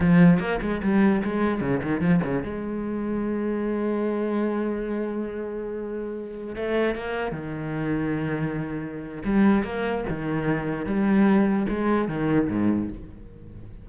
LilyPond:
\new Staff \with { instrumentName = "cello" } { \time 4/4 \tempo 4 = 149 f4 ais8 gis8 g4 gis4 | cis8 dis8 f8 cis8 gis2~ | gis1~ | gis1~ |
gis16 a4 ais4 dis4.~ dis16~ | dis2. g4 | ais4 dis2 g4~ | g4 gis4 dis4 gis,4 | }